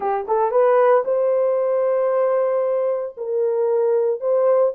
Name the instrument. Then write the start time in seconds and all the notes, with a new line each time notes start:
horn
0.00 G4
0.27 A4
0.51 B4
1.05 C5
3.17 A#4
4.20 C5